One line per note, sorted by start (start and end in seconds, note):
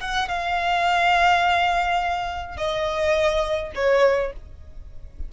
0.00 0.28 F#5
0.28 2.57 F5
2.57 3.72 D#5
3.75 4.32 C#5